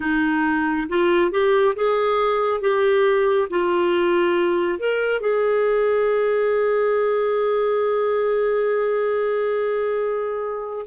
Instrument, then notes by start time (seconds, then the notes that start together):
clarinet
0.00 D#4
0.89 F4
1.30 G4
1.75 G#4
2.60 G4
3.50 F4
4.78 A#4
5.20 G#4